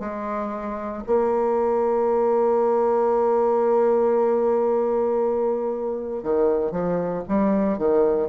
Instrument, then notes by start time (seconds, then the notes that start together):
bassoon
0.00 G#3
1.07 A#3
6.23 D#3
6.72 F3
7.28 G3
7.79 D#3